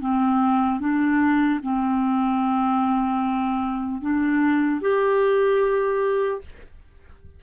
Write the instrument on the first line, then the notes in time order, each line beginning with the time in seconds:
clarinet
0.00 C4
0.80 D4
1.62 C4
4.01 D4
4.81 G4